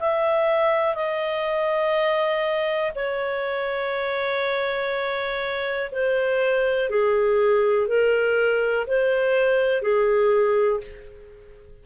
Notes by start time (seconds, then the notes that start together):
0.00 E5
0.95 D#5
2.96 C#5
5.92 C5
6.90 G#4
7.88 A#4
8.87 C5
9.83 G#4